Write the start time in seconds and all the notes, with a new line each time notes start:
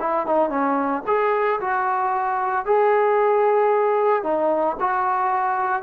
0.00 E4
0.26 D#4
0.50 C#4
1.07 G#4
1.60 F#4
2.65 G#4
4.23 D#4
4.80 F#4